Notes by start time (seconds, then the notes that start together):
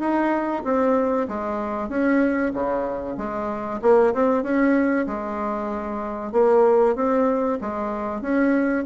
0.00 D#4
0.64 C4
1.28 G#3
1.89 C#4
2.53 C#3
3.17 G#3
3.82 A#3
4.14 C4
4.43 C#4
5.06 G#3
6.32 A#3
6.95 C4
7.61 G#3
8.21 C#4